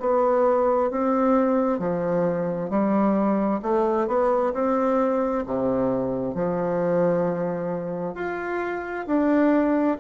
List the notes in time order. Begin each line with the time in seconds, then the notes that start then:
0.00 B3
0.91 C4
1.80 F3
2.70 G3
3.63 A3
4.08 B3
4.54 C4
5.47 C3
6.35 F3
8.15 F4
9.07 D4